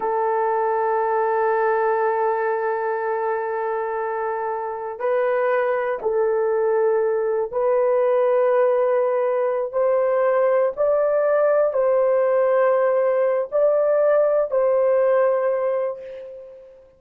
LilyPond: \new Staff \with { instrumentName = "horn" } { \time 4/4 \tempo 4 = 120 a'1~ | a'1~ | a'2 b'2 | a'2. b'4~ |
b'2.~ b'8 c''8~ | c''4. d''2 c''8~ | c''2. d''4~ | d''4 c''2. | }